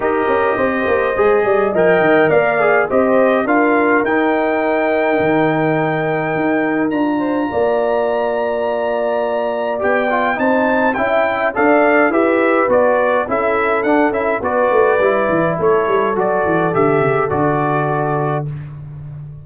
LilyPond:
<<
  \new Staff \with { instrumentName = "trumpet" } { \time 4/4 \tempo 4 = 104 dis''2. g''4 | f''4 dis''4 f''4 g''4~ | g''1 | ais''1~ |
ais''4 g''4 a''4 g''4 | f''4 e''4 d''4 e''4 | fis''8 e''8 d''2 cis''4 | d''4 e''4 d''2 | }
  \new Staff \with { instrumentName = "horn" } { \time 4/4 ais'4 c''4. d''8 dis''4 | d''4 c''4 ais'2~ | ais'1~ | ais'8 c''8 d''2.~ |
d''2 c''4 e''4 | d''4 b'2 a'4~ | a'4 b'2 a'4~ | a'1 | }
  \new Staff \with { instrumentName = "trombone" } { \time 4/4 g'2 gis'4 ais'4~ | ais'8 gis'8 g'4 f'4 dis'4~ | dis'1 | f'1~ |
f'4 g'8 f'8 dis'4 e'4 | a'4 g'4 fis'4 e'4 | d'8 e'8 fis'4 e'2 | fis'4 g'4 fis'2 | }
  \new Staff \with { instrumentName = "tuba" } { \time 4/4 dis'8 cis'8 c'8 ais8 gis8 g8 f8 dis8 | ais4 c'4 d'4 dis'4~ | dis'4 dis2 dis'4 | d'4 ais2.~ |
ais4 b4 c'4 cis'4 | d'4 e'4 b4 cis'4 | d'8 cis'8 b8 a8 g8 e8 a8 g8 | fis8 e8 d8 cis8 d2 | }
>>